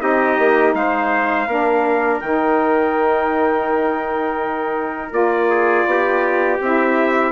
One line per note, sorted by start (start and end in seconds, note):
0.00 0.38 C4
0.00 1.46 D#4
0.00 0.77 G4
0.00 0.74 D#5
0.38 0.74 A#3
0.74 1.47 G#3
0.74 1.48 C5
0.74 2.20 F5
1.48 2.21 A#3
1.48 2.22 D4
1.48 5.50 A#4
2.20 5.12 D#3
2.20 5.11 D#4
2.20 5.13 G5
5.11 5.85 A#3
5.11 6.58 F4
5.11 6.59 D5
5.50 5.87 G#4
5.86 6.59 B3
5.86 7.32 G4
6.61 7.32 C4
6.61 7.32 E4
6.61 7.32 E5